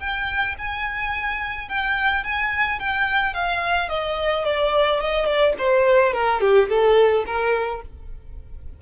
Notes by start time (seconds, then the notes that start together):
0.00 G5
0.59 G#5
1.69 G5
2.24 G#5
2.80 G5
3.34 F5
3.89 D#5
4.45 D5
5.00 D#5
5.26 D5
5.59 C5
6.13 A#4
6.41 G4
6.69 A4
7.27 A#4